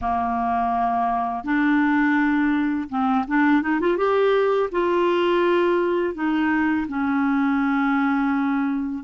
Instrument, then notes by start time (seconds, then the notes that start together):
clarinet
0.01 A#3
1.44 D4
2.89 C4
3.27 D4
3.61 D#4
3.80 F4
3.97 G4
4.71 F4
6.14 D#4
6.88 C#4